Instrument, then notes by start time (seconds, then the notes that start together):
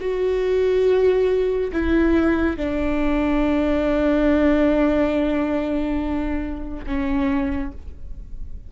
viola
0.00 F#4
1.73 E4
2.57 D4
6.86 C#4